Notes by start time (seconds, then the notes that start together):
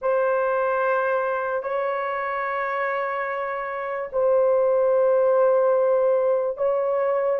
0.01 C5
1.62 C#5
4.12 C5
6.57 C#5